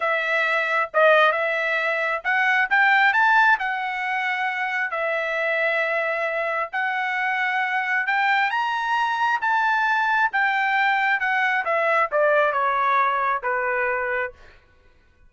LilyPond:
\new Staff \with { instrumentName = "trumpet" } { \time 4/4 \tempo 4 = 134 e''2 dis''4 e''4~ | e''4 fis''4 g''4 a''4 | fis''2. e''4~ | e''2. fis''4~ |
fis''2 g''4 ais''4~ | ais''4 a''2 g''4~ | g''4 fis''4 e''4 d''4 | cis''2 b'2 | }